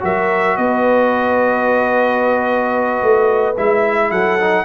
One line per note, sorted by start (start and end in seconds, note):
0.00 0.58 F#3
0.00 3.55 F#4
0.00 0.58 A#4
0.00 0.57 E5
0.57 3.02 B3
0.57 4.11 B4
0.57 3.57 D#5
3.02 3.57 A3
3.57 4.11 G#3
3.57 4.39 E4
3.57 4.11 E5
4.11 4.65 F#3
4.11 4.65 A4
4.11 4.65 F#5
4.40 4.65 D#4